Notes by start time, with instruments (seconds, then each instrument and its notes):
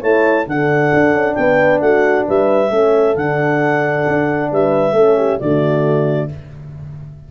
0.00 tuba A3, horn E4 C#5, clarinet A5
0.46 tuba D3, horn D4 A4, clarinet F#5
0.93 tuba D4
1.12 tuba C#4
1.34 tuba B3, horn B4, clarinet G5
1.80 tuba A3, horn F#4, clarinet F#5
2.26 tuba G3, horn B4, clarinet E5
2.70 tuba A3, horn C#4 A4
3.15 tuba D3, horn D4, clarinet F#5
4.07 tuba D4
4.51 tuba G3, horn B4, clarinet E5
4.91 tuba A3, horn C#4 A4
5.17 horn G4
5.39 tuba D3, horn A3 F#4, clarinet D5